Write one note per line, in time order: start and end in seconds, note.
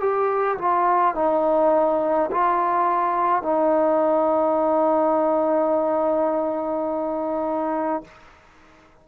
0.00 0.58 G4
0.58 1.14 F4
1.14 2.30 D#4
2.31 3.42 F4
3.42 8.04 D#4